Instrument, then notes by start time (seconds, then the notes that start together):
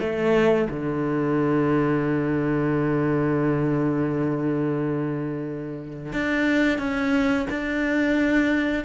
cello
0.00 A3
0.70 D3
6.13 D4
6.78 C#4
7.50 D4